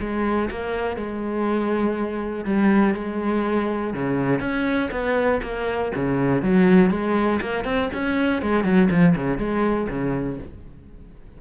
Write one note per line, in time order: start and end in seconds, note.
0.00 0.50 G#3
0.50 0.96 A#3
0.96 2.45 G#3
2.45 2.94 G3
2.94 3.94 G#3
3.94 4.40 C#3
4.40 4.90 C#4
4.91 5.41 B3
5.43 5.92 A#3
5.95 6.42 C#3
6.42 6.91 F#3
6.91 7.40 G#3
7.41 7.65 A#3
7.65 7.90 C4
7.94 8.42 C#4
8.42 8.64 G#3
8.64 8.89 F#3
8.91 9.15 F3
9.16 9.38 C#3
9.38 9.87 G#3
9.89 10.39 C#3